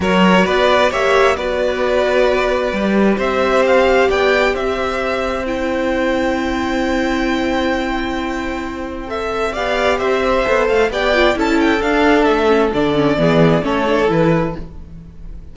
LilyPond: <<
  \new Staff \with { instrumentName = "violin" } { \time 4/4 \tempo 4 = 132 cis''4 d''4 e''4 d''4~ | d''2. e''4 | f''4 g''4 e''2 | g''1~ |
g''1 | e''4 f''4 e''4. f''8 | g''4 a''8 g''8 f''4 e''4 | d''2 cis''4 b'4 | }
  \new Staff \with { instrumentName = "violin" } { \time 4/4 ais'4 b'4 cis''4 b'4~ | b'2. c''4~ | c''4 d''4 c''2~ | c''1~ |
c''1~ | c''4 d''4 c''2 | d''4 a'2.~ | a'4 gis'4 a'2 | }
  \new Staff \with { instrumentName = "viola" } { \time 4/4 fis'2 g'4 fis'4~ | fis'2 g'2~ | g'1 | e'1~ |
e'1 | a'4 g'2 a'4 | g'8 f'8 e'4 d'4. cis'8 | d'8 cis'8 b4 cis'8 d'8 e'4 | }
  \new Staff \with { instrumentName = "cello" } { \time 4/4 fis4 b4 ais4 b4~ | b2 g4 c'4~ | c'4 b4 c'2~ | c'1~ |
c'1~ | c'4 b4 c'4 b8 a8 | b4 cis'4 d'4 a4 | d4 e4 a4 e4 | }
>>